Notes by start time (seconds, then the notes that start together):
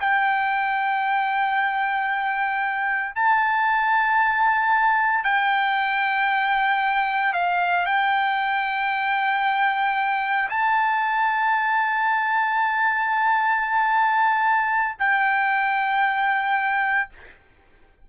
0.00 G5
3.16 A5
5.24 G5
7.33 F5
7.86 G5
10.50 A5
14.99 G5